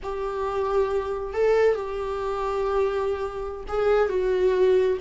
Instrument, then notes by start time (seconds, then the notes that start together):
viola
0.03 G4
1.33 A4
1.75 G4
3.67 G#4
4.09 F#4